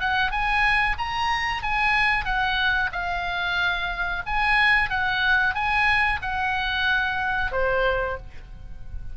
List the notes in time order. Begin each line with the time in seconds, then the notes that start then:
0.00 F#5
0.32 G#5
0.98 A#5
1.63 G#5
2.25 F#5
2.92 F5
4.26 G#5
4.90 F#5
5.55 G#5
6.22 F#5
7.52 C5